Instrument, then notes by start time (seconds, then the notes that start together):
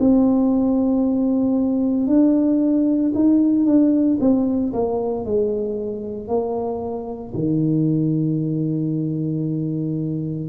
tuba
0.00 C4
2.08 D4
3.15 D#4
3.66 D4
4.21 C4
4.74 A#3
5.25 G#3
6.28 A#3
7.34 D#3